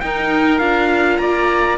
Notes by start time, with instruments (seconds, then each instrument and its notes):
0.00 cello D#4, viola D#4, oboe A#4, trumpet G5
0.59 cello D4, viola F4, trumpet F5
1.18 cello A#3, oboe D5, trumpet A#5